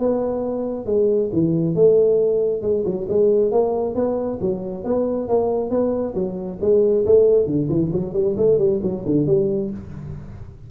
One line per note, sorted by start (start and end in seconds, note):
0.00 0.86 B3
0.86 1.30 G#3
1.33 1.75 E3
1.75 2.62 A3
2.62 2.84 G#3
2.86 3.08 F#3
3.10 3.52 G#3
3.52 3.95 A#3
3.95 4.39 B3
4.41 4.85 F#3
4.85 5.29 B3
5.29 5.71 A#3
5.71 6.15 B3
6.15 6.59 F#3
6.62 7.06 G#3
7.06 7.47 A3
7.47 7.69 D3
7.70 7.92 E3
7.93 8.14 F#3
8.14 8.36 G3
8.37 8.59 A3
8.59 8.81 G3
8.83 9.05 F#3
9.06 9.27 D3
9.27 9.71 G3